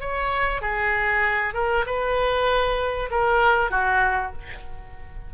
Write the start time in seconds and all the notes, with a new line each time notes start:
0.00 C#5
0.61 G#4
1.54 A#4
1.86 B4
3.11 A#4
3.70 F#4